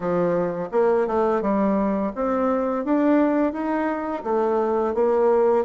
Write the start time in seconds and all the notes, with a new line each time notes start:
0.00 F3
0.71 A#3
1.07 A3
1.41 G3
2.15 C4
2.84 D4
3.52 D#4
4.23 A3
4.94 A#3